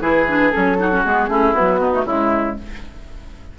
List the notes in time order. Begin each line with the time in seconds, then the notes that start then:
0.00 E3 E4 G#4 B4
0.27 D4
0.51 F#3 C#4 A4
0.78 D#4 F#4
0.91 C#4
1.04 G#3 B3 G#4
1.28 A3 C#4 E4
1.53 F#3 B3 F#4
1.79 B3 D#4
1.93 A3
2.05 C#3 G#3 E4